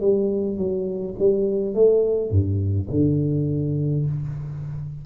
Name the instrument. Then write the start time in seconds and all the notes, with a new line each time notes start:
tuba
0.00 G3
0.57 F#3
1.19 G3
1.74 A3
2.30 G2
2.90 D3